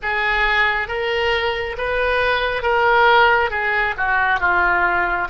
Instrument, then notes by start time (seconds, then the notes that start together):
oboe
0.02 G#4
0.88 A#4
1.77 B4
2.62 A#4
3.50 G#4
3.97 F#4
4.40 F4